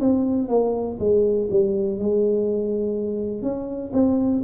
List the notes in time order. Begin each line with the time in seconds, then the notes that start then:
0.00 C4
0.48 A#3
0.99 G#3
1.51 G3
1.99 G#3
3.42 C#4
3.93 C4